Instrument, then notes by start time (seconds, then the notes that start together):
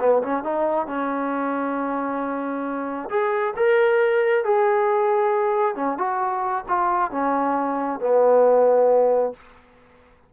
trombone
0.00 B3
0.23 C#4
0.44 D#4
0.87 C#4
3.09 G#4
3.56 A#4
4.44 G#4
5.76 C#4
5.98 F#4
6.68 F4
7.11 C#4
8.00 B3